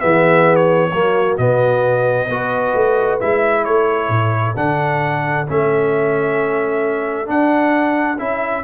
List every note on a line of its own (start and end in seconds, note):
0.00 0.93 E3
0.00 0.91 B3
0.00 0.91 G#4
0.00 0.56 E5
0.56 1.35 C#5
0.93 1.38 F#3
0.93 1.39 A#3
0.93 2.29 F#4
1.38 2.28 B2
1.38 2.30 B3
1.38 3.19 D#5
2.28 2.74 B3
2.28 3.21 F#4
2.28 3.64 B4
2.75 3.20 A3
3.20 3.66 G#3
3.20 4.56 E4
3.20 3.65 E5
3.64 4.09 A3
3.64 8.64 A4
3.64 4.55 C#5
4.09 4.55 A2
4.56 5.47 D3
4.56 5.47 D4
4.56 5.48 F#5
5.48 7.29 A3
5.48 7.26 C#4
5.48 7.30 E5
7.26 8.17 D4
7.26 8.20 D4
7.26 8.18 F#5
8.18 8.64 C#4
8.18 8.64 E4
8.18 8.64 E5